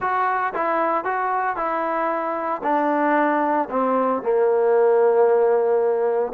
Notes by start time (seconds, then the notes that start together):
0.00 F#4
0.54 E4
1.04 F#4
1.56 E4
2.63 D4
3.70 C4
4.22 A#3